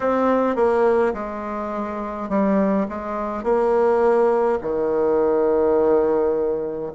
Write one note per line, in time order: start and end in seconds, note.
0.00 0.55 C4
0.55 1.13 A#3
1.13 2.29 G#3
2.29 2.86 G3
2.88 3.43 G#3
3.43 4.58 A#3
4.61 6.92 D#3